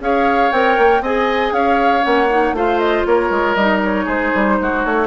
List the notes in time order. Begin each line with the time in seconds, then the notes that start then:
0.00 C#4 G#4 C#5 F5
0.52 C4 A#4 G5
0.79 A#3
1.01 C4 G#4 D#5 G#5
1.52 C#4 C#5 F5
2.01 A#3 C#4 F#5
2.30 D#4
2.53 A3 F4 C5 F5
2.79 D#5
3.06 A#3 A#4 C#5
3.31 G#3
3.55 G3 D#4 D#5
3.85 C#5
4.05 G#3 G#4 C5
4.35 G3
4.61 G#3 F#4
4.85 A3 C#5